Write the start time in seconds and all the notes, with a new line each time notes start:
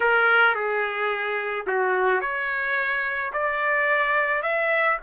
0.00 A#4
0.55 G#4
1.66 F#4
2.20 C#5
3.32 D5
4.42 E5